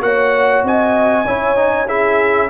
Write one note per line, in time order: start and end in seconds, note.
0.00 0.62 A#3
0.00 1.25 F#4
0.00 0.66 C#5
0.00 0.64 F#5
0.63 1.25 C4
0.63 1.25 D#5
0.63 1.88 G#5
1.25 2.49 C#4
1.25 1.56 E4
1.25 1.86 C#5
1.56 1.87 D#4
1.86 2.49 E4
1.86 2.48 G#4
1.86 2.49 E5